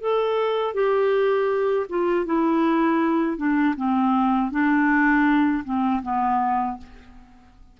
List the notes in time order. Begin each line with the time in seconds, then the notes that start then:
0.00 A4
0.74 G4
1.89 F4
2.25 E4
3.37 D4
3.76 C4
4.51 D4
5.64 C4
6.02 B3